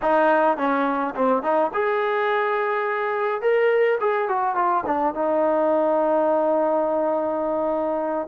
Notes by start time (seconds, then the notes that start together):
0.02 D#4
0.57 C#4
1.15 C4
1.42 D#4
1.73 G#4
3.41 A#4
4.00 G#4
4.28 F#4
4.55 F4
4.86 D4
5.14 D#4